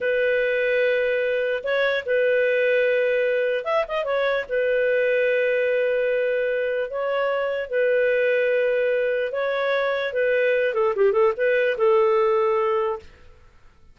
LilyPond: \new Staff \with { instrumentName = "clarinet" } { \time 4/4 \tempo 4 = 148 b'1 | cis''4 b'2.~ | b'4 e''8 dis''8 cis''4 b'4~ | b'1~ |
b'4 cis''2 b'4~ | b'2. cis''4~ | cis''4 b'4. a'8 g'8 a'8 | b'4 a'2. | }